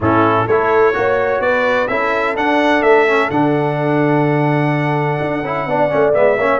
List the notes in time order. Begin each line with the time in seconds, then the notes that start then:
0.00 A2 C#4 E4 A4
0.46 A3 E4 A4 C#5
0.93 A#3 F#4 C#5
1.39 B3 B4 D5
1.87 C#4 E4 A4 E5
2.35 D4 F#5
2.82 A3 E5
3.07 C#4
3.30 D3 D4 F#5
5.20 D4
5.43 C#4 E4
5.66 B3 D4 D5
5.89 A3 C#4
6.13 G#3 B3 E5
6.37 A#3 C#4 C#5